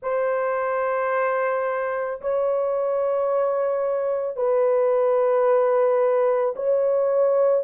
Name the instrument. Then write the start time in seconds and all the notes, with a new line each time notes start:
horn
0.02 C5
2.21 C#5
4.36 B4
6.56 C#5